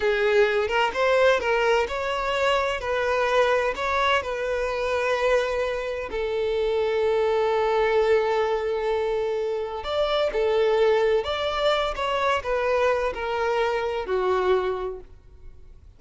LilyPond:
\new Staff \with { instrumentName = "violin" } { \time 4/4 \tempo 4 = 128 gis'4. ais'8 c''4 ais'4 | cis''2 b'2 | cis''4 b'2.~ | b'4 a'2.~ |
a'1~ | a'4 d''4 a'2 | d''4. cis''4 b'4. | ais'2 fis'2 | }